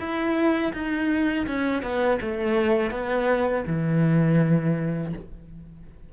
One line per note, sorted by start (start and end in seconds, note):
0.00 0.73 E4
0.74 1.47 D#4
1.47 1.83 C#4
1.83 2.20 B3
2.22 2.91 A3
2.91 3.64 B3
3.67 5.14 E3